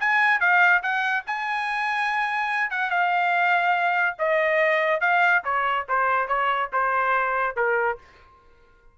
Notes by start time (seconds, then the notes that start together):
0.00 G#5
0.40 F5
0.83 F#5
1.27 G#5
2.71 F#5
2.90 F5
4.19 D#5
5.01 F5
5.45 C#5
5.89 C5
6.28 C#5
6.73 C5
7.56 A#4